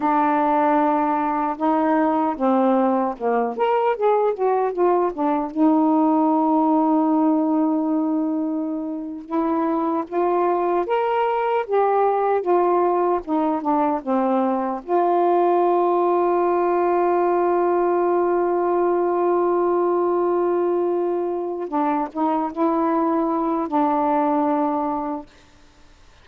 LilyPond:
\new Staff \with { instrumentName = "saxophone" } { \time 4/4 \tempo 4 = 76 d'2 dis'4 c'4 | ais8 ais'8 gis'8 fis'8 f'8 d'8 dis'4~ | dis'2.~ dis'8. e'16~ | e'8. f'4 ais'4 g'4 f'16~ |
f'8. dis'8 d'8 c'4 f'4~ f'16~ | f'1~ | f'2.~ f'8 d'8 | dis'8 e'4. d'2 | }